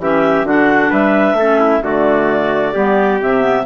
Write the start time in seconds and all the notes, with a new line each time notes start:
0.00 E3 C#4 G4 E5
0.44 D3 D4 F#4 F#5
0.90 G3 B4 E5
1.33 A3
1.39 C#4 A4
1.60 E4
1.82 D3 A3 F#4 D5
2.74 G3 B3 G4
3.21 C3 C4 E5
3.40 B3